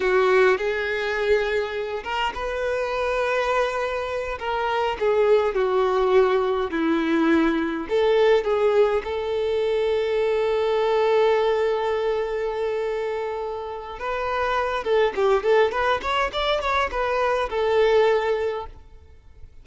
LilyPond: \new Staff \with { instrumentName = "violin" } { \time 4/4 \tempo 4 = 103 fis'4 gis'2~ gis'8 ais'8 | b'2.~ b'8 ais'8~ | ais'8 gis'4 fis'2 e'8~ | e'4. a'4 gis'4 a'8~ |
a'1~ | a'1 | b'4. a'8 g'8 a'8 b'8 cis''8 | d''8 cis''8 b'4 a'2 | }